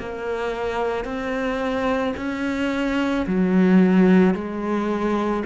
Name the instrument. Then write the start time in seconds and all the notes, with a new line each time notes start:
cello
0.00 A#3
1.05 C4
2.17 C#4
3.27 F#3
4.35 G#3